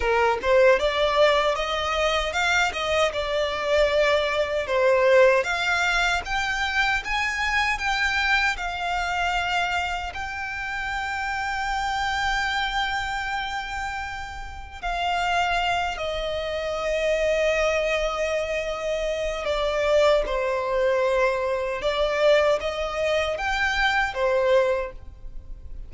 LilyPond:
\new Staff \with { instrumentName = "violin" } { \time 4/4 \tempo 4 = 77 ais'8 c''8 d''4 dis''4 f''8 dis''8 | d''2 c''4 f''4 | g''4 gis''4 g''4 f''4~ | f''4 g''2.~ |
g''2. f''4~ | f''8 dis''2.~ dis''8~ | dis''4 d''4 c''2 | d''4 dis''4 g''4 c''4 | }